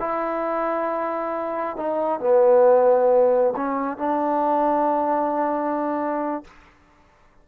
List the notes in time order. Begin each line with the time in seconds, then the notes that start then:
0.00 E4
1.77 D#4
2.20 B3
3.56 C#4
3.98 D4